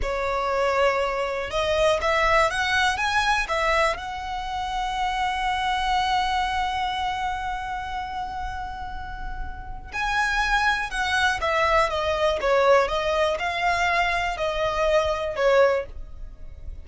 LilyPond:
\new Staff \with { instrumentName = "violin" } { \time 4/4 \tempo 4 = 121 cis''2. dis''4 | e''4 fis''4 gis''4 e''4 | fis''1~ | fis''1~ |
fis''1 | gis''2 fis''4 e''4 | dis''4 cis''4 dis''4 f''4~ | f''4 dis''2 cis''4 | }